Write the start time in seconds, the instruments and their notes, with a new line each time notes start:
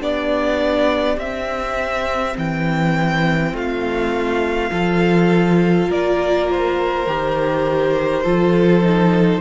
0.00 cello B3, viola D4, violin G4 D5
1.17 cello C4, viola C4, violin E5
2.37 cello E3, violin G5
3.53 cello A3, violin F4 F5
4.70 cello F3, viola F4, violin A4
5.88 cello A#3, violin A#4 D5
6.50 violin C5
7.07 cello D#3, viola G4
8.24 cello F3, viola F4, violin A4
8.82 viola D#4